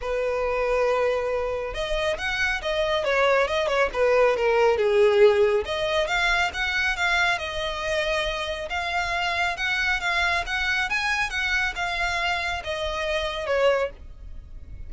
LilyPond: \new Staff \with { instrumentName = "violin" } { \time 4/4 \tempo 4 = 138 b'1 | dis''4 fis''4 dis''4 cis''4 | dis''8 cis''8 b'4 ais'4 gis'4~ | gis'4 dis''4 f''4 fis''4 |
f''4 dis''2. | f''2 fis''4 f''4 | fis''4 gis''4 fis''4 f''4~ | f''4 dis''2 cis''4 | }